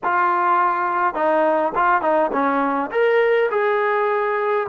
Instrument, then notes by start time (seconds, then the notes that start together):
trombone
0.03 F4
1.14 D#4
1.75 F4
2.01 D#4
2.32 C#4
2.91 A#4
3.50 G#4